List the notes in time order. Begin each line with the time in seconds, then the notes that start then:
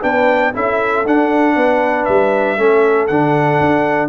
0.00 B3 D4 B4 G5
0.54 C#4 E4 A4 E5
1.05 D4 F#5
1.55 B3 B4
2.05 G3 E5
2.57 A3 C#4 A4
3.07 D3 D4 F#5
3.60 D4